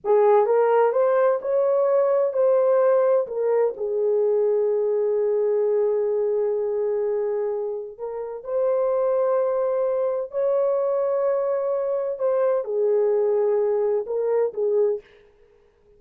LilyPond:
\new Staff \with { instrumentName = "horn" } { \time 4/4 \tempo 4 = 128 gis'4 ais'4 c''4 cis''4~ | cis''4 c''2 ais'4 | gis'1~ | gis'1~ |
gis'4 ais'4 c''2~ | c''2 cis''2~ | cis''2 c''4 gis'4~ | gis'2 ais'4 gis'4 | }